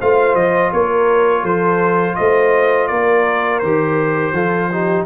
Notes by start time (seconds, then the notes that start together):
0.00 A3 F4 C5 F5
0.34 F3 D#5
0.73 A#3 A#4 C#5
1.42 F3 A4 C5
2.15 A3 C5 D#5
2.87 A#3 A#4 D5
3.59 D#3 G4 C5
4.33 F3 F4 A4
4.71 D#4 G4